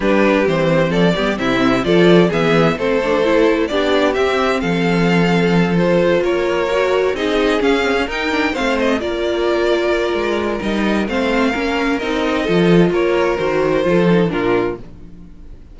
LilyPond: <<
  \new Staff \with { instrumentName = "violin" } { \time 4/4 \tempo 4 = 130 b'4 c''4 d''4 e''4 | d''4 e''4 c''2 | d''4 e''4 f''2~ | f''8 c''4 cis''2 dis''8~ |
dis''8 f''4 g''4 f''8 dis''8 d''8~ | d''2. dis''4 | f''2 dis''2 | cis''4 c''2 ais'4 | }
  \new Staff \with { instrumentName = "violin" } { \time 4/4 g'2 a'8 g'8 e'4 | a'4 gis'4 a'2 | g'2 a'2~ | a'4. ais'2 gis'8~ |
gis'4. ais'4 c''4 ais'8~ | ais'1 | c''4 ais'2 a'4 | ais'2 a'4 f'4 | }
  \new Staff \with { instrumentName = "viola" } { \time 4/4 d'4 c'4. b8 c'4 | f'4 b4 c'8 d'8 e'4 | d'4 c'2.~ | c'8 f'2 fis'4 dis'8~ |
dis'8 cis'8 c'16 cis'16 dis'8 d'8 c'4 f'8~ | f'2. dis'4 | c'4 cis'4 dis'4 f'4~ | f'4 fis'4 f'8 dis'8 d'4 | }
  \new Staff \with { instrumentName = "cello" } { \time 4/4 g4 e4 f8 g8 c4 | f4 e4 a2 | b4 c'4 f2~ | f4. ais2 c'8~ |
c'8 cis'4 dis'4 a4 ais8~ | ais2 gis4 g4 | a4 ais4 c'4 f4 | ais4 dis4 f4 ais,4 | }
>>